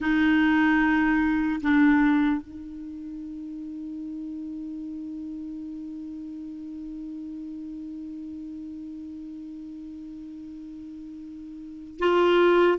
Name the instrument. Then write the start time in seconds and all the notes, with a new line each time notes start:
clarinet
0.00 D#4
1.61 D4
2.41 D#4
11.99 F4